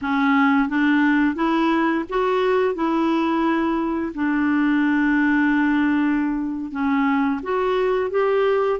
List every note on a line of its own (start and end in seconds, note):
0.01 0.68 C#4
0.68 1.35 D4
1.35 2.04 E4
2.09 2.74 F#4
2.74 4.12 E4
4.14 6.71 D4
6.71 7.40 C#4
7.42 8.10 F#4
8.10 8.79 G4